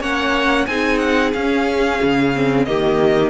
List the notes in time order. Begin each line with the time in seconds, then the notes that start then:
0.00 A#3 C#4 C#5 F#5
0.66 C4 D#4 G#4 G#5
0.98 F#5
1.33 C#4 F5
2.02 C#3
2.35 C4
2.65 D#3 A#3 G4 D#5